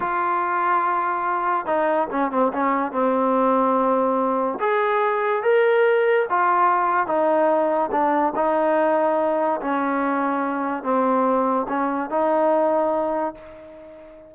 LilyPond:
\new Staff \with { instrumentName = "trombone" } { \time 4/4 \tempo 4 = 144 f'1 | dis'4 cis'8 c'8 cis'4 c'4~ | c'2. gis'4~ | gis'4 ais'2 f'4~ |
f'4 dis'2 d'4 | dis'2. cis'4~ | cis'2 c'2 | cis'4 dis'2. | }